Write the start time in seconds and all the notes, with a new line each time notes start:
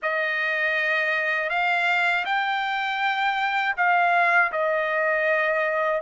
0.02 D#5
1.49 F5
2.25 G5
3.76 F5
4.52 D#5